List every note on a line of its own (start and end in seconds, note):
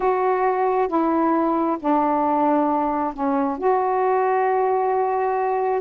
0.00 0.88 F#4
0.88 1.77 E4
1.79 3.13 D4
3.13 3.58 C#4
3.58 5.81 F#4